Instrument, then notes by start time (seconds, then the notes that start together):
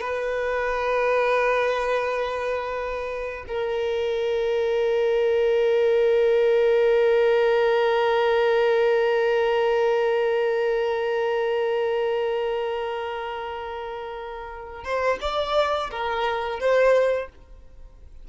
violin
0.00 B4
3.47 A#4
14.84 C5
15.21 D5
15.91 A#4
16.60 C5